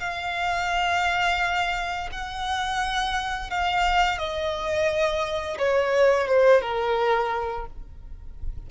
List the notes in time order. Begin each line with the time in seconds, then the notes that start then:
0.00 F5
2.12 F#5
3.50 F5
4.18 D#5
5.58 C#5
6.28 C5
6.62 A#4